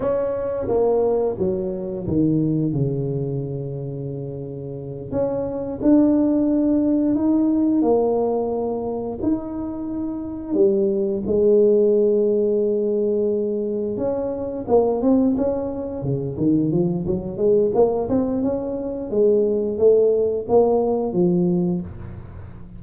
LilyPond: \new Staff \with { instrumentName = "tuba" } { \time 4/4 \tempo 4 = 88 cis'4 ais4 fis4 dis4 | cis2.~ cis8 cis'8~ | cis'8 d'2 dis'4 ais8~ | ais4. dis'2 g8~ |
g8 gis2.~ gis8~ | gis8 cis'4 ais8 c'8 cis'4 cis8 | dis8 f8 fis8 gis8 ais8 c'8 cis'4 | gis4 a4 ais4 f4 | }